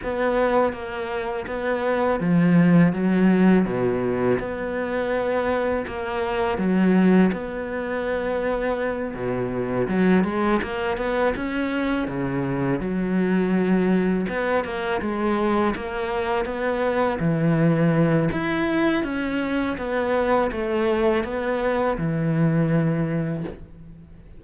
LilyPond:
\new Staff \with { instrumentName = "cello" } { \time 4/4 \tempo 4 = 82 b4 ais4 b4 f4 | fis4 b,4 b2 | ais4 fis4 b2~ | b8 b,4 fis8 gis8 ais8 b8 cis'8~ |
cis'8 cis4 fis2 b8 | ais8 gis4 ais4 b4 e8~ | e4 e'4 cis'4 b4 | a4 b4 e2 | }